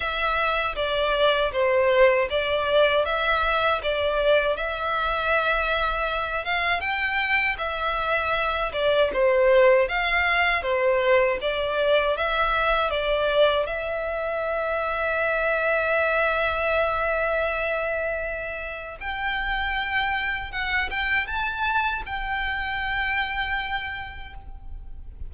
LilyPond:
\new Staff \with { instrumentName = "violin" } { \time 4/4 \tempo 4 = 79 e''4 d''4 c''4 d''4 | e''4 d''4 e''2~ | e''8 f''8 g''4 e''4. d''8 | c''4 f''4 c''4 d''4 |
e''4 d''4 e''2~ | e''1~ | e''4 g''2 fis''8 g''8 | a''4 g''2. | }